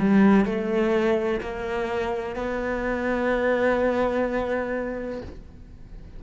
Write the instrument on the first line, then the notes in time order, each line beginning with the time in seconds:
cello
0.00 G3
0.45 A3
1.41 A#3
2.36 B3